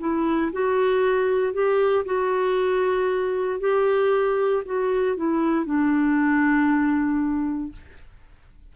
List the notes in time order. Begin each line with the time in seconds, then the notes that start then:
0.00 E4
0.53 F#4
1.53 G4
2.05 F#4
3.60 G4
4.66 F#4
5.16 E4
5.65 D4